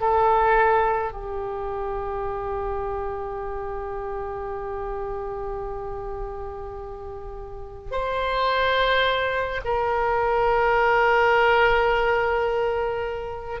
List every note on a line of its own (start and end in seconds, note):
0.00 1.12 A4
1.12 7.91 G4
7.91 9.61 C5
9.64 13.60 A#4